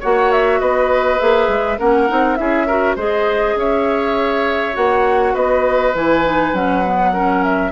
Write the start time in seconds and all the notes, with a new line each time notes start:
0.00 A#3 F#4 C#5 F#5
0.31 E5
0.60 B3 B4 D#5
1.18 A#3 G#4 E5
1.48 G#3
1.78 A#3 C#4 A#4 F#5
2.08 C4 D#4
2.35 C#4 E4 G#4 E5
2.67 F#4 A#4
2.95 G#3 G#4 C5 D#5
3.55 C#4 C#5 E5
4.73 A#3 F#4 F#5
5.34 B3 B4 D#5
5.94 E3 E4 G#5
6.24 D#4
6.53 F#3 C#4 F#5
6.85 B3
7.13 C#4 A#4
7.44 E5